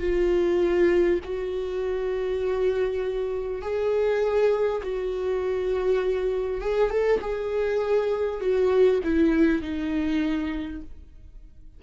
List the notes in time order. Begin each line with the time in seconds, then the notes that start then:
0.00 F4
1.24 F#4
3.62 G#4
4.83 F#4
6.61 G#4
6.91 A4
7.22 G#4
8.41 F#4
9.04 E4
9.62 D#4